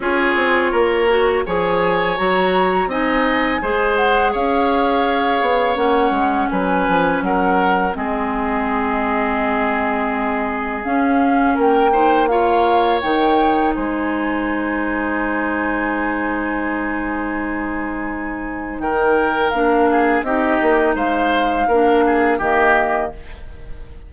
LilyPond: <<
  \new Staff \with { instrumentName = "flute" } { \time 4/4 \tempo 4 = 83 cis''2 gis''4 ais''4 | gis''4. fis''8 f''2 | fis''4 gis''4 fis''4 dis''4~ | dis''2. f''4 |
g''4 f''4 g''4 gis''4~ | gis''1~ | gis''2 g''4 f''4 | dis''4 f''2 dis''4 | }
  \new Staff \with { instrumentName = "oboe" } { \time 4/4 gis'4 ais'4 cis''2 | dis''4 c''4 cis''2~ | cis''4 b'4 ais'4 gis'4~ | gis'1 |
ais'8 c''8 cis''2 c''4~ | c''1~ | c''2 ais'4. gis'8 | g'4 c''4 ais'8 gis'8 g'4 | }
  \new Staff \with { instrumentName = "clarinet" } { \time 4/4 f'4. fis'8 gis'4 fis'4 | dis'4 gis'2. | cis'2. c'4~ | c'2. cis'4~ |
cis'8 dis'8 f'4 dis'2~ | dis'1~ | dis'2. d'4 | dis'2 d'4 ais4 | }
  \new Staff \with { instrumentName = "bassoon" } { \time 4/4 cis'8 c'8 ais4 f4 fis4 | c'4 gis4 cis'4. b8 | ais8 gis8 fis8 f8 fis4 gis4~ | gis2. cis'4 |
ais2 dis4 gis4~ | gis1~ | gis2 dis4 ais4 | c'8 ais8 gis4 ais4 dis4 | }
>>